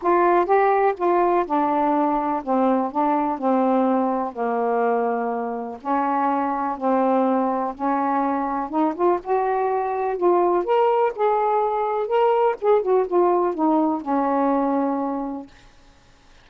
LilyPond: \new Staff \with { instrumentName = "saxophone" } { \time 4/4 \tempo 4 = 124 f'4 g'4 f'4 d'4~ | d'4 c'4 d'4 c'4~ | c'4 ais2. | cis'2 c'2 |
cis'2 dis'8 f'8 fis'4~ | fis'4 f'4 ais'4 gis'4~ | gis'4 ais'4 gis'8 fis'8 f'4 | dis'4 cis'2. | }